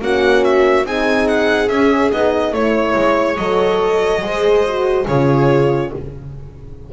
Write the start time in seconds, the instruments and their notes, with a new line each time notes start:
0.00 double bass A#3, horn C#4, viola F#4, violin F#5
0.44 violin E5
0.84 double bass C4, horn D#4, viola G#4, violin G#5
1.28 violin F#5
1.68 double bass C#4, horn C#4, violin E5
2.11 double bass B3, horn D#4, violin D#5
2.52 double bass A3, horn E4, violin C#5, viola C#5
2.95 double bass G#3
3.37 double bass F#3, horn A4, violin D#5
4.21 double bass G#3, horn G#4, viola C5
4.66 horn F#4
5.05 double bass C#3, horn F4, viola G#4, violin C#5